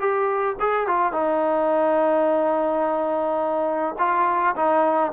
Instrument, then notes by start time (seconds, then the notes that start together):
trombone
0.00 G4
0.60 G#4
0.87 F4
1.13 D#4
3.99 F4
4.56 D#4